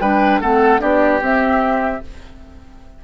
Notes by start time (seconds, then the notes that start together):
0.00 G3 D4 B4 G5
0.41 A3 C4 A4 F#5
0.79 B3 D4 G4 D5
1.21 C4 E5